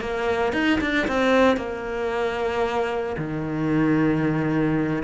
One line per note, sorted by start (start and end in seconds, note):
0.00 0.53 A#3
0.53 0.79 D#4
0.80 1.07 D4
1.07 1.56 C4
1.56 3.16 A#3
3.17 5.03 D#3